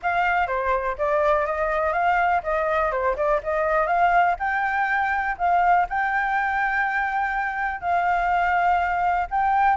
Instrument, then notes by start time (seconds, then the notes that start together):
flute
0.02 F5
0.47 C5
0.98 D5
1.45 D#5
1.92 F5
2.43 D#5
2.91 C5
3.16 D5
3.43 D#5
3.86 F5
4.39 G5
5.38 F5
5.89 G5
7.80 F5
9.30 G5